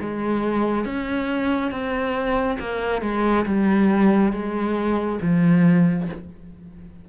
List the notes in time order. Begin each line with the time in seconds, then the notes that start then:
0.00 G#3
0.85 C#4
1.71 C4
2.59 A#3
3.02 G#3
3.45 G3
4.32 G#3
5.21 F3